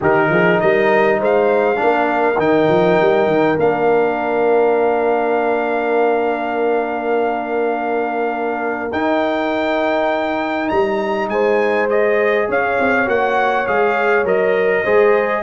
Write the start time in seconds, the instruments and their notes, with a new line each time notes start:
0.00 tuba D#3, trombone D#4, horn G4, trumpet A#4
0.29 tuba F3, horn G#4
0.60 tuba G3, horn A#4, trumpet D#5
1.19 tuba G#3, horn C5, trumpet F5
1.75 trombone D4
1.82 tuba A#3, horn A#4
2.38 tuba D#3, trombone D#4, trumpet G5
2.69 tuba F3
3.01 tuba G3
3.26 tuba D#3
3.56 tuba A#3, trombone D4, trumpet F5
8.92 tuba D#4, trombone D#4, trumpet G5
10.68 tuba G3, trumpet A#5
11.28 tuba G#3, horn C5, trumpet G#5
11.89 trombone G#4, trumpet D#5
12.48 tuba C#4, horn C#5, trumpet F5
12.79 tuba C4
13.05 tuba A#3, trombone F#4, trumpet F#5
13.66 tuba G#3, trombone G#4, trumpet F5
14.24 tuba F#3, trombone A#4, trumpet D#5
14.83 tuba G#3, trombone G#4, horn C5